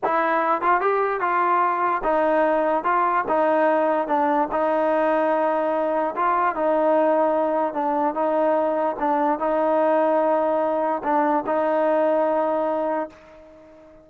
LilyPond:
\new Staff \with { instrumentName = "trombone" } { \time 4/4 \tempo 4 = 147 e'4. f'8 g'4 f'4~ | f'4 dis'2 f'4 | dis'2 d'4 dis'4~ | dis'2. f'4 |
dis'2. d'4 | dis'2 d'4 dis'4~ | dis'2. d'4 | dis'1 | }